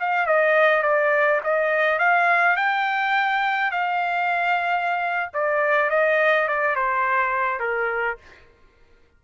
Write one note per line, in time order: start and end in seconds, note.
0.00 0.27 F5
0.27 0.83 D#5
0.83 1.41 D5
1.44 1.99 D#5
1.99 2.57 F5
2.57 3.71 G5
3.71 5.30 F5
5.34 5.90 D5
5.90 6.48 D#5
6.48 6.76 D5
6.76 7.60 C5
7.60 8.18 A#4